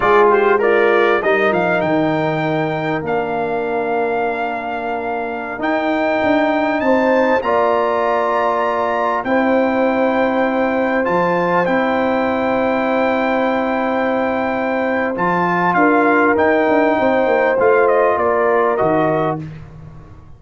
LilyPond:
<<
  \new Staff \with { instrumentName = "trumpet" } { \time 4/4 \tempo 4 = 99 d''8 c''8 d''4 dis''8 f''8 g''4~ | g''4 f''2.~ | f''4~ f''16 g''2 a''8.~ | a''16 ais''2. g''8.~ |
g''2~ g''16 a''4 g''8.~ | g''1~ | g''4 a''4 f''4 g''4~ | g''4 f''8 dis''8 d''4 dis''4 | }
  \new Staff \with { instrumentName = "horn" } { \time 4/4 gis'8 g'8 f'4 ais'2~ | ais'1~ | ais'2.~ ais'16 c''8.~ | c''16 d''2. c''8.~ |
c''1~ | c''1~ | c''2 ais'2 | c''2 ais'2 | }
  \new Staff \with { instrumentName = "trombone" } { \time 4/4 f'4 ais'4 dis'2~ | dis'4 d'2.~ | d'4~ d'16 dis'2~ dis'8.~ | dis'16 f'2. e'8.~ |
e'2~ e'16 f'4 e'8.~ | e'1~ | e'4 f'2 dis'4~ | dis'4 f'2 fis'4 | }
  \new Staff \with { instrumentName = "tuba" } { \time 4/4 gis2 g8 f8 dis4~ | dis4 ais2.~ | ais4~ ais16 dis'4 d'4 c'8.~ | c'16 ais2. c'8.~ |
c'2~ c'16 f4 c'8.~ | c'1~ | c'4 f4 d'4 dis'8 d'8 | c'8 ais8 a4 ais4 dis4 | }
>>